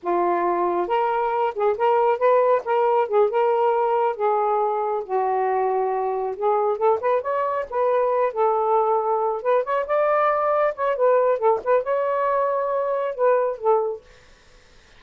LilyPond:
\new Staff \with { instrumentName = "saxophone" } { \time 4/4 \tempo 4 = 137 f'2 ais'4. gis'8 | ais'4 b'4 ais'4 gis'8 ais'8~ | ais'4. gis'2 fis'8~ | fis'2~ fis'8 gis'4 a'8 |
b'8 cis''4 b'4. a'4~ | a'4. b'8 cis''8 d''4.~ | d''8 cis''8 b'4 a'8 b'8 cis''4~ | cis''2 b'4 a'4 | }